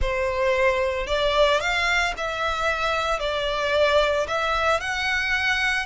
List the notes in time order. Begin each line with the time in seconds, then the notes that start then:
0.01 C5
1.07 D5
1.60 F5
2.17 E5
3.19 D5
4.27 E5
4.80 F#5